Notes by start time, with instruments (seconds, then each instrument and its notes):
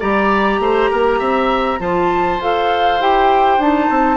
0.00 bassoon G3, clarinet G4, oboe D5, flute A#5
0.59 bassoon A3, oboe C5
0.90 bassoon A#3, oboe A#4
1.19 bassoon C4, oboe E5
1.79 bassoon F3, clarinet F4, oboe C5, flute A5
2.39 bassoon F4, clarinet A4, flute F5
3.00 bassoon E4, clarinet G4, flute G5
3.58 bassoon D4, clarinet D#4, flute A5
3.90 bassoon C4